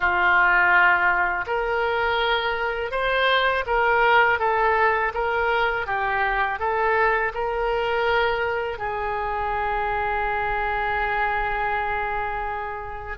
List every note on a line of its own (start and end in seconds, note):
0.00 1.45 F4
1.46 2.91 A#4
2.91 3.64 C5
3.66 4.39 A#4
4.39 5.12 A4
5.14 5.86 A#4
5.86 6.59 G4
6.59 7.32 A4
7.34 8.78 A#4
8.78 13.17 G#4